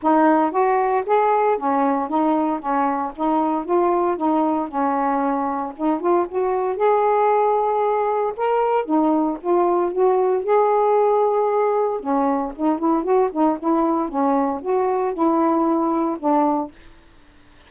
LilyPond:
\new Staff \with { instrumentName = "saxophone" } { \time 4/4 \tempo 4 = 115 dis'4 fis'4 gis'4 cis'4 | dis'4 cis'4 dis'4 f'4 | dis'4 cis'2 dis'8 f'8 | fis'4 gis'2. |
ais'4 dis'4 f'4 fis'4 | gis'2. cis'4 | dis'8 e'8 fis'8 dis'8 e'4 cis'4 | fis'4 e'2 d'4 | }